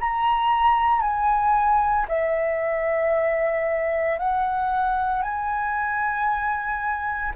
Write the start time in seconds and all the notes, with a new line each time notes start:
0.00 A#5
1.01 G#5
2.08 E5
4.19 F#5
5.22 G#5